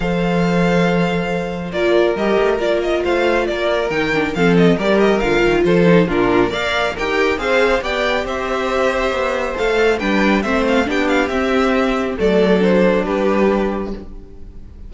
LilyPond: <<
  \new Staff \with { instrumentName = "violin" } { \time 4/4 \tempo 4 = 138 f''1 | d''4 dis''4 d''8 dis''8 f''4 | d''4 g''4 f''8 dis''8 d''8 dis''8 | f''4 c''4 ais'4 f''4 |
g''4 f''4 g''4 e''4~ | e''2 f''4 g''4 | e''8 f''8 g''8 f''8 e''2 | d''4 c''4 b'2 | }
  \new Staff \with { instrumentName = "violin" } { \time 4/4 c''1 | ais'2. c''4 | ais'2 a'4 ais'4~ | ais'4 a'4 f'4 d''4 |
ais'4 c''4 d''4 c''4~ | c''2. b'4 | c''4 g'2. | a'2 g'2 | }
  \new Staff \with { instrumentName = "viola" } { \time 4/4 a'1 | f'4 g'4 f'2~ | f'4 dis'8 d'8 c'4 g'4 | f'4. dis'8 d'4 ais'4 |
g'4 gis'4 g'2~ | g'2 a'4 d'4 | c'4 d'4 c'2 | a4 d'2. | }
  \new Staff \with { instrumentName = "cello" } { \time 4/4 f1 | ais4 g8 a8 ais4 a4 | ais4 dis4 f4 g4 | d8 dis8 f4 ais,4 ais4 |
dis'4 c'4 b4 c'4~ | c'4 b4 a4 g4 | a4 b4 c'2 | fis2 g2 | }
>>